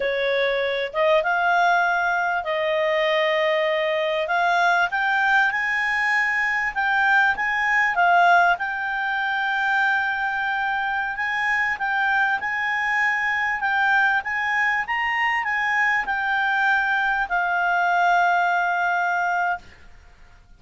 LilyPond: \new Staff \with { instrumentName = "clarinet" } { \time 4/4 \tempo 4 = 98 cis''4. dis''8 f''2 | dis''2. f''4 | g''4 gis''2 g''4 | gis''4 f''4 g''2~ |
g''2~ g''16 gis''4 g''8.~ | g''16 gis''2 g''4 gis''8.~ | gis''16 ais''4 gis''4 g''4.~ g''16~ | g''16 f''2.~ f''8. | }